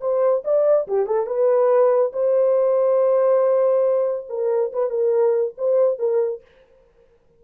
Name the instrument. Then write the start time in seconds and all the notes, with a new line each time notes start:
horn
0.00 C5
0.44 D5
0.87 G4
1.06 A4
1.26 B4
2.13 C5
4.29 A#4
4.73 B4
4.90 A#4
5.58 C5
5.99 A#4